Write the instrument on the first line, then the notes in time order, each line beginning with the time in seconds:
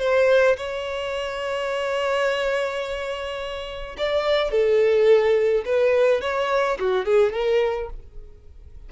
violin
0.00 C5
0.57 C#5
3.98 D5
4.52 A4
5.66 B4
6.22 C#5
6.80 F#4
7.06 G#4
7.33 A#4